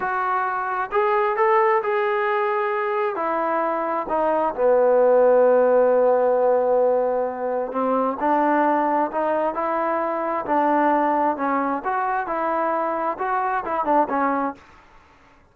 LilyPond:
\new Staff \with { instrumentName = "trombone" } { \time 4/4 \tempo 4 = 132 fis'2 gis'4 a'4 | gis'2. e'4~ | e'4 dis'4 b2~ | b1~ |
b4 c'4 d'2 | dis'4 e'2 d'4~ | d'4 cis'4 fis'4 e'4~ | e'4 fis'4 e'8 d'8 cis'4 | }